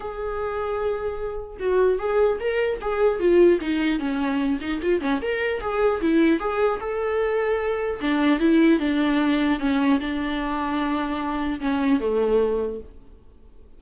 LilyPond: \new Staff \with { instrumentName = "viola" } { \time 4/4 \tempo 4 = 150 gis'1 | fis'4 gis'4 ais'4 gis'4 | f'4 dis'4 cis'4. dis'8 | f'8 cis'8 ais'4 gis'4 e'4 |
gis'4 a'2. | d'4 e'4 d'2 | cis'4 d'2.~ | d'4 cis'4 a2 | }